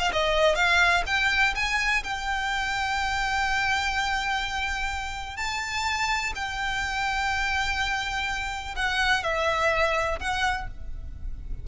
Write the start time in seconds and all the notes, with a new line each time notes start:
0.00 F5
0.13 D#5
0.56 F5
1.07 G5
1.56 G#5
2.04 G5
5.37 A5
6.36 G5
8.77 F#5
9.24 E5
10.20 F#5